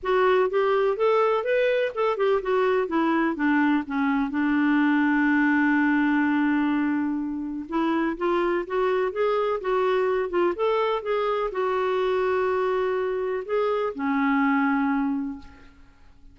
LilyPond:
\new Staff \with { instrumentName = "clarinet" } { \time 4/4 \tempo 4 = 125 fis'4 g'4 a'4 b'4 | a'8 g'8 fis'4 e'4 d'4 | cis'4 d'2.~ | d'1 |
e'4 f'4 fis'4 gis'4 | fis'4. f'8 a'4 gis'4 | fis'1 | gis'4 cis'2. | }